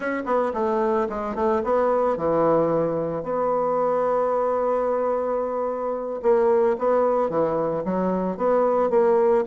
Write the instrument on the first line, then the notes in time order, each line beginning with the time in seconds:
bassoon
0.00 C#4
0.25 B3
0.53 A3
1.09 G#3
1.35 A3
1.64 B3
2.16 E3
3.23 B3
6.22 A#3
6.78 B3
7.29 E3
7.85 F#3
8.37 B3
8.90 A#3